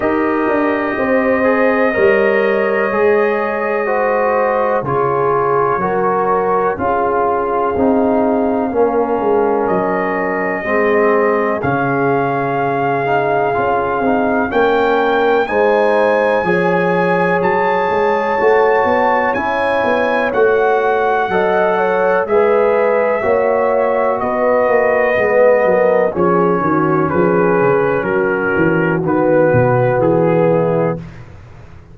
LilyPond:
<<
  \new Staff \with { instrumentName = "trumpet" } { \time 4/4 \tempo 4 = 62 dis''1~ | dis''4 cis''2 f''4~ | f''2 dis''2 | f''2. g''4 |
gis''2 a''2 | gis''4 fis''2 e''4~ | e''4 dis''2 cis''4 | b'4 ais'4 b'4 gis'4 | }
  \new Staff \with { instrumentName = "horn" } { \time 4/4 ais'4 c''4 cis''2 | c''4 gis'4 ais'4 gis'4~ | gis'4 ais'2 gis'4~ | gis'2. ais'4 |
c''4 cis''2.~ | cis''2 dis''8 cis''8 b'4 | cis''4 b'4. ais'8 gis'8 fis'8 | gis'4 fis'2~ fis'8 e'8 | }
  \new Staff \with { instrumentName = "trombone" } { \time 4/4 g'4. gis'8 ais'4 gis'4 | fis'4 f'4 fis'4 f'4 | dis'4 cis'2 c'4 | cis'4. dis'8 f'8 dis'8 cis'4 |
dis'4 gis'2 fis'4 | e'4 fis'4 a'4 gis'4 | fis'2 b4 cis'4~ | cis'2 b2 | }
  \new Staff \with { instrumentName = "tuba" } { \time 4/4 dis'8 d'8 c'4 g4 gis4~ | gis4 cis4 fis4 cis'4 | c'4 ais8 gis8 fis4 gis4 | cis2 cis'8 c'8 ais4 |
gis4 f4 fis8 gis8 a8 b8 | cis'8 b8 a4 fis4 gis4 | ais4 b8 ais8 gis8 fis8 f8 dis8 | f8 cis8 fis8 e8 dis8 b,8 e4 | }
>>